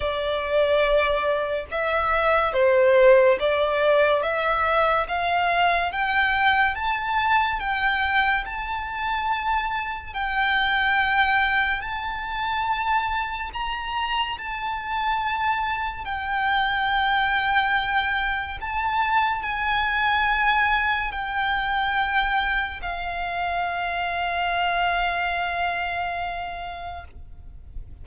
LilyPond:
\new Staff \with { instrumentName = "violin" } { \time 4/4 \tempo 4 = 71 d''2 e''4 c''4 | d''4 e''4 f''4 g''4 | a''4 g''4 a''2 | g''2 a''2 |
ais''4 a''2 g''4~ | g''2 a''4 gis''4~ | gis''4 g''2 f''4~ | f''1 | }